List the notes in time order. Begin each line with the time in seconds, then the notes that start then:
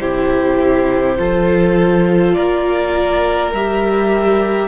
0.00 C3 E4 G4 C5
1.18 F3 F4 A4
2.34 A#3 A#4 D5
3.52 G3 G4 E5